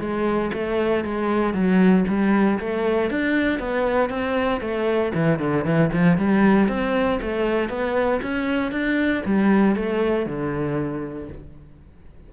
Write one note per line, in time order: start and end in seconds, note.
0.00 0.51 G#3
0.54 1.04 A3
1.04 1.54 G#3
1.54 2.05 F#3
2.08 2.59 G3
2.60 3.10 A3
3.10 3.59 D4
3.59 4.10 B3
4.10 4.61 C4
4.61 5.12 A3
5.14 5.39 E3
5.39 5.65 D3
5.65 5.90 E3
5.93 6.18 F3
6.18 6.69 G3
6.69 7.20 C4
7.22 7.69 A3
7.69 8.21 B3
8.22 8.72 C#4
8.72 9.23 D4
9.25 9.76 G3
9.76 10.26 A3
10.26 11.29 D3